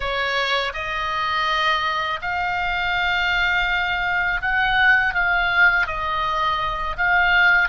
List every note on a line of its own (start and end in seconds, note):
0.00 0.73 C#5
0.73 2.20 D#5
2.21 4.41 F5
4.41 5.14 F#5
5.14 5.87 F5
5.87 6.96 D#5
6.97 7.69 F5